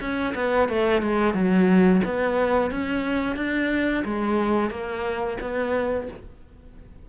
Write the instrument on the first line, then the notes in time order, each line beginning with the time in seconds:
cello
0.00 C#4
0.35 B3
0.68 A3
1.01 G#3
1.34 F#3
2.05 B3
2.71 C#4
3.36 D4
4.04 G#3
4.70 A#3
5.40 B3